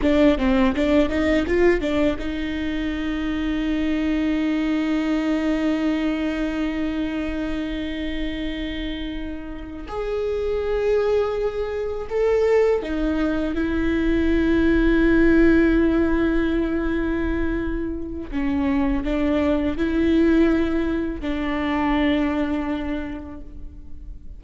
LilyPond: \new Staff \with { instrumentName = "viola" } { \time 4/4 \tempo 4 = 82 d'8 c'8 d'8 dis'8 f'8 d'8 dis'4~ | dis'1~ | dis'1~ | dis'4. gis'2~ gis'8~ |
gis'8 a'4 dis'4 e'4.~ | e'1~ | e'4 cis'4 d'4 e'4~ | e'4 d'2. | }